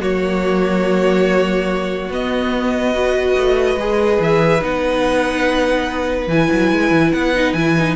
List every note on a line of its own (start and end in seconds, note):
0.00 2.08 F#3
0.00 2.10 A#3
0.00 2.94 F#4
0.00 2.12 C#5
2.08 3.34 B3
2.08 2.94 B3
2.08 4.22 D#5
2.94 3.78 F#4
2.94 7.96 B4
3.38 3.76 A3
3.76 4.18 G#3
3.76 4.60 G#4
4.19 4.61 E3
4.19 4.64 E5
4.60 6.27 B3
4.60 6.28 D#4
4.60 6.29 F#5
6.27 6.48 E3
6.27 7.35 E4
6.27 7.12 G#5
6.51 6.72 F#3
6.72 6.91 G#3
6.91 7.12 E3
7.12 7.53 B3
7.12 7.53 F#5
7.35 7.56 D#4
7.53 7.95 E3
7.53 7.77 E4
7.53 7.95 G#5
7.77 7.96 D#4